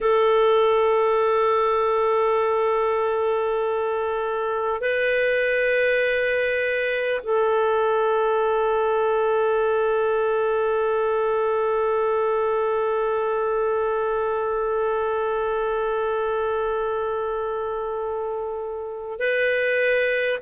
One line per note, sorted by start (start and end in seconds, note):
0.00 4.80 A4
4.80 7.20 B4
7.23 19.19 A4
19.19 20.39 B4